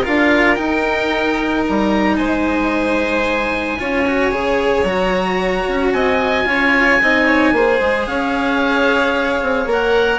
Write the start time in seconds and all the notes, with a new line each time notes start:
0.00 F4 A#4 F5
0.07 D4
0.54 D#4 G5
1.67 G3 A#5
2.17 G#3 C5 G#5
3.78 C#4 F4 C#5
4.06 F#4
4.31 C#3 G#4
4.83 F#3 F#4 A#5
5.68 C#4
5.93 C4 D#5 G#5
6.45 C#4 F4 C#5
7.02 C4 D#4 D#5
7.26 C#5
7.52 A#3 G#4 C5
7.80 G#3
8.06 C#4 C#5 F5
9.41 C4
9.66 A#3 A#4
9.72 F#5